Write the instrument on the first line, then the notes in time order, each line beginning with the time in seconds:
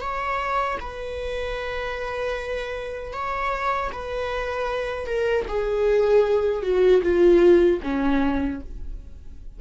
viola
0.00 C#5
0.80 B4
3.12 C#5
3.91 B4
5.06 A#4
5.48 G#4
6.62 F#4
7.02 F4
7.82 C#4